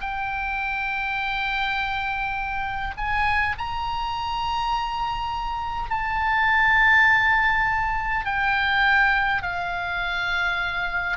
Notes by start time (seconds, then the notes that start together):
0.00 G5
2.97 G#5
3.58 A#5
5.90 A5
8.25 G5
9.42 F5